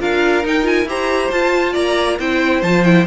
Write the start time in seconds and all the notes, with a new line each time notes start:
0.00 D4 F4 A#4 F5
0.44 D#4 G5
0.63 F4 G#5
0.85 E4 G4 C5 A#5
1.32 F4 A5
1.73 A#3 D5 A#5
2.19 C4 E4 C5 G5
2.62 F3 F4 A5
2.84 E4 G5